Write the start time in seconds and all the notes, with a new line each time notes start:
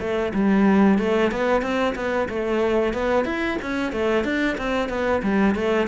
0.00 A3
0.34 G3
0.99 A3
1.31 B3
1.62 C4
1.96 B3
2.29 A3
2.93 B3
3.25 E4
3.62 C#4
3.92 A3
4.25 D4
4.58 C4
4.89 B3
5.23 G3
5.55 A3